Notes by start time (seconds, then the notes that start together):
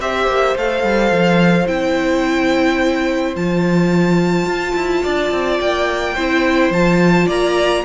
0.00 C4 G4 C5 E5
0.27 A#3
0.56 A3 A4 F5
0.83 G3
1.11 F3
1.67 C4 E4 G5
3.35 F3 F4 A5
4.46 F4
4.75 E4
5.03 D4 D5
5.31 C4
5.60 A#3 G5
6.15 C4 E4 C5
6.70 F3 F4 A5
7.26 A#3 D5 A#5